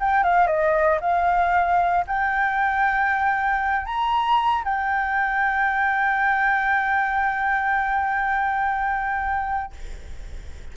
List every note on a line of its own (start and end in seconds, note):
0.00 0.24 G5
0.24 0.47 F5
0.47 0.99 D#5
1.01 2.05 F5
2.07 3.86 G5
3.86 4.64 A#5
4.65 9.73 G5